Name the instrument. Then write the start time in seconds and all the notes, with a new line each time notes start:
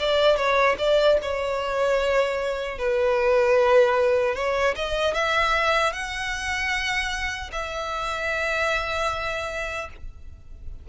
violin
0.00 D5
0.36 C#5
0.79 D5
1.22 C#5
2.78 B4
4.35 C#5
4.76 D#5
5.14 E5
5.93 F#5
7.52 E5